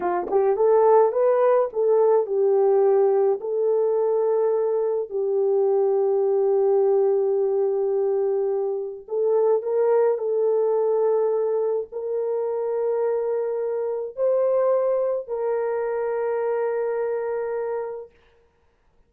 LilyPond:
\new Staff \with { instrumentName = "horn" } { \time 4/4 \tempo 4 = 106 f'8 g'8 a'4 b'4 a'4 | g'2 a'2~ | a'4 g'2.~ | g'1 |
a'4 ais'4 a'2~ | a'4 ais'2.~ | ais'4 c''2 ais'4~ | ais'1 | }